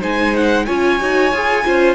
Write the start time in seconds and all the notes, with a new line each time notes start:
0.00 G#3 D#4 C5 G#5
0.36 F#5
0.65 C#4 F4 C#5 G#5
0.99 D#4 F#4
1.32 F4 G#4
1.64 C#4 F4 C5